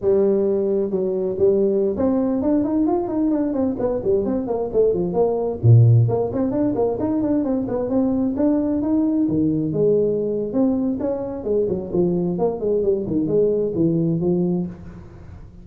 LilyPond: \new Staff \with { instrumentName = "tuba" } { \time 4/4 \tempo 4 = 131 g2 fis4 g4~ | g16 c'4 d'8 dis'8 f'8 dis'8 d'8 c'16~ | c'16 b8 g8 c'8 ais8 a8 f8 ais8.~ | ais16 ais,4 ais8 c'8 d'8 ais8 dis'8 d'16~ |
d'16 c'8 b8 c'4 d'4 dis'8.~ | dis'16 dis4 gis4.~ gis16 c'4 | cis'4 gis8 fis8 f4 ais8 gis8 | g8 dis8 gis4 e4 f4 | }